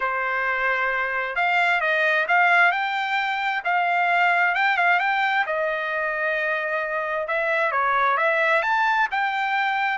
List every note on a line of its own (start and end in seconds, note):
0.00 1.35 C5
1.35 1.80 F5
1.80 2.26 D#5
2.28 2.71 F5
2.71 3.62 G5
3.64 4.55 F5
4.55 4.77 G5
4.77 4.99 F5
4.99 5.45 G5
5.46 7.27 D#5
7.27 7.71 E5
7.71 8.17 C#5
8.17 8.62 E5
8.62 9.08 A5
9.11 9.98 G5